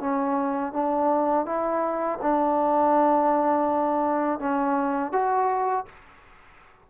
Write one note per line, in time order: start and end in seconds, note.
0.00 0.73 C#4
0.73 1.46 D4
1.46 2.19 E4
2.22 4.39 D4
4.39 5.12 C#4
5.12 5.85 F#4